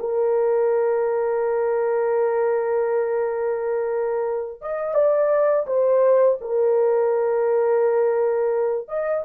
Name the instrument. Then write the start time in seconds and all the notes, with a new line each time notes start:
horn
0.00 A#4
4.62 D#5
4.94 D5
5.67 C5
6.41 A#4
8.88 D#5